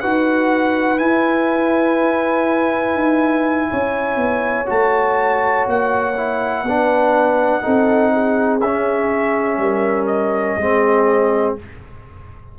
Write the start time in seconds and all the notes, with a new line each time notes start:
0.00 D#4 F#4 B4 F#5
0.98 E4 G#5
2.94 D#4
3.70 C#4 C#5
4.16 B3
4.66 A3 F#4 A5
5.66 A#3 F#5
6.16 E4
6.63 B3 D4 B4
7.61 C4 D#4 A4
8.13 G#4
8.60 C#4 E5
9.57 G3 A#4
10.06 D#5
10.57 G#3 C4 G#4